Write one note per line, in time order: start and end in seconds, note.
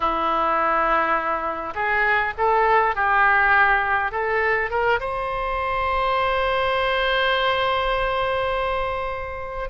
0.00 1.74 E4
1.74 2.33 G#4
2.37 2.95 A4
2.95 4.11 G4
4.11 4.70 A4
4.70 4.99 A#4
5.00 9.69 C5